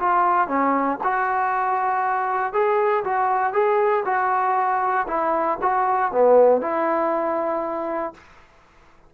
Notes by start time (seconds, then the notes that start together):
0.00 F4
0.48 C#4
1.04 F#4
2.54 G#4
3.04 F#4
3.53 G#4
4.05 F#4
5.08 E4
5.62 F#4
6.12 B3
6.62 E4